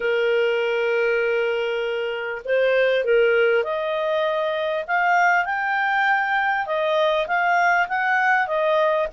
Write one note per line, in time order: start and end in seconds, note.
0.00 2.42 A#4
2.44 3.04 C5
3.04 3.63 A#4
3.63 4.84 D#5
4.87 5.45 F5
5.45 6.66 G5
6.66 7.26 D#5
7.27 7.87 F5
7.88 8.47 F#5
8.47 9.07 D#5